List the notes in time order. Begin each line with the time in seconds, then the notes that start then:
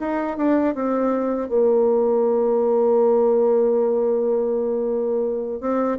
0.00 D#4
0.38 D4
0.75 C4
1.49 A#3
5.61 C4